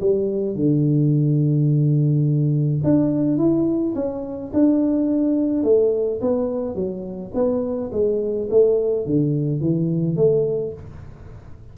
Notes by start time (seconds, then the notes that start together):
0.00 G3
0.55 D3
2.84 D4
3.37 E4
3.95 C#4
4.53 D4
5.63 A3
6.21 B3
6.75 F#3
7.34 B3
7.92 G#3
8.50 A3
9.06 D3
9.60 E3
10.16 A3